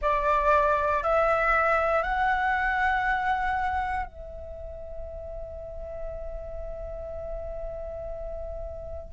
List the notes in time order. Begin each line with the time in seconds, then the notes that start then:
0.01 D5
1.03 E5
2.02 F#5
4.05 E5